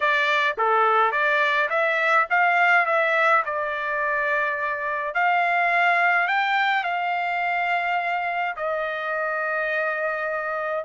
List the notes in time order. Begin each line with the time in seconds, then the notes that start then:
0.00 D5
0.57 A4
1.11 D5
1.69 E5
2.30 F5
2.85 E5
3.45 D5
5.14 F5
6.27 G5
6.83 F5
8.56 D#5